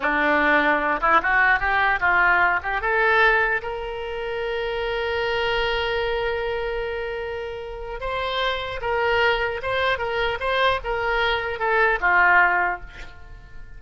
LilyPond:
\new Staff \with { instrumentName = "oboe" } { \time 4/4 \tempo 4 = 150 d'2~ d'8 e'8 fis'4 | g'4 f'4. g'8 a'4~ | a'4 ais'2.~ | ais'1~ |
ais'1 | c''2 ais'2 | c''4 ais'4 c''4 ais'4~ | ais'4 a'4 f'2 | }